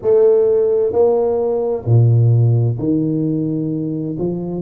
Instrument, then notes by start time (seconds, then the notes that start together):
tuba
0.02 A3
0.92 A#3
1.85 A#2
2.78 D#3
4.18 F3